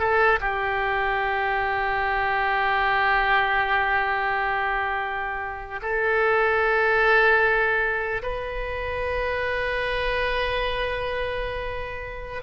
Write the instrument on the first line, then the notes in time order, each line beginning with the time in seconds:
oboe
0.00 A4
0.41 G4
5.83 A4
8.23 B4